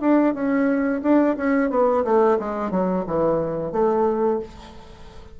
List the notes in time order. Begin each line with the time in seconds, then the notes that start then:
0.00 D4
0.34 C#4
1.02 D4
1.37 C#4
1.70 B3
2.04 A3
2.39 G#3
2.71 F#3
3.07 E3
3.72 A3